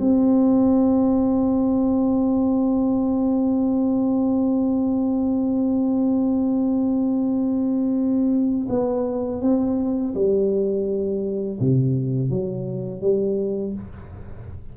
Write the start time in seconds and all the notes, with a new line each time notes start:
0.00 C4
8.69 B3
9.42 C4
10.15 G3
11.60 C3
12.30 F#3
13.01 G3